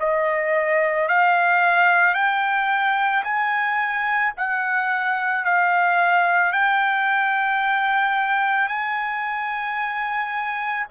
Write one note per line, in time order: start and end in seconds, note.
0.00 1.09 D#5
1.09 2.15 F5
2.15 3.24 G5
3.24 4.33 G#5
4.37 5.45 F#5
5.45 6.53 F5
6.53 8.69 G5
8.69 10.87 G#5